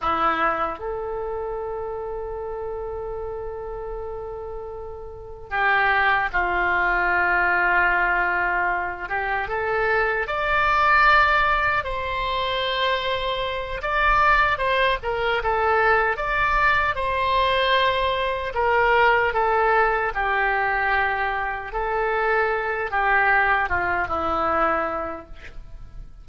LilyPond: \new Staff \with { instrumentName = "oboe" } { \time 4/4 \tempo 4 = 76 e'4 a'2.~ | a'2. g'4 | f'2.~ f'8 g'8 | a'4 d''2 c''4~ |
c''4. d''4 c''8 ais'8 a'8~ | a'8 d''4 c''2 ais'8~ | ais'8 a'4 g'2 a'8~ | a'4 g'4 f'8 e'4. | }